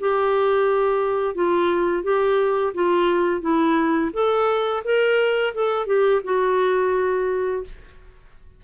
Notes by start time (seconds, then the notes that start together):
0.00 G4
1.35 F4
2.03 G4
2.74 F4
3.41 E4
4.14 A4
4.84 A#4
5.54 A4
5.86 G4
6.24 F#4